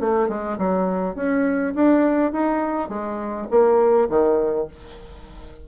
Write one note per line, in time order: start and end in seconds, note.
0.00 0.28 A3
0.28 0.57 G#3
0.58 1.15 F#3
1.15 1.73 C#4
1.75 2.32 D4
2.32 2.89 D#4
2.89 3.47 G#3
3.50 4.09 A#3
4.09 4.67 D#3